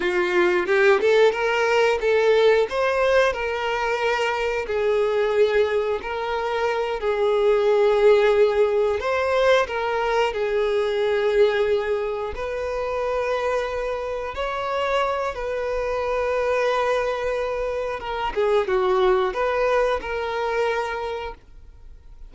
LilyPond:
\new Staff \with { instrumentName = "violin" } { \time 4/4 \tempo 4 = 90 f'4 g'8 a'8 ais'4 a'4 | c''4 ais'2 gis'4~ | gis'4 ais'4. gis'4.~ | gis'4. c''4 ais'4 gis'8~ |
gis'2~ gis'8 b'4.~ | b'4. cis''4. b'4~ | b'2. ais'8 gis'8 | fis'4 b'4 ais'2 | }